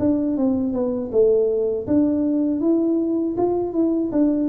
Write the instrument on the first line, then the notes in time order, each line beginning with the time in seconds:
tuba
0.00 D4
0.37 C4
0.73 B3
1.12 A3
1.88 D4
2.61 E4
3.38 F4
3.73 E4
4.12 D4